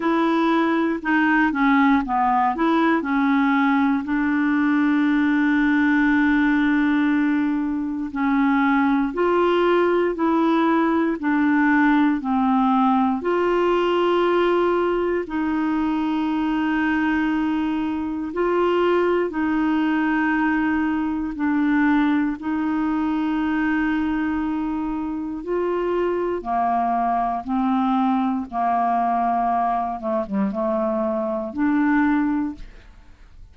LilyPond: \new Staff \with { instrumentName = "clarinet" } { \time 4/4 \tempo 4 = 59 e'4 dis'8 cis'8 b8 e'8 cis'4 | d'1 | cis'4 f'4 e'4 d'4 | c'4 f'2 dis'4~ |
dis'2 f'4 dis'4~ | dis'4 d'4 dis'2~ | dis'4 f'4 ais4 c'4 | ais4. a16 g16 a4 d'4 | }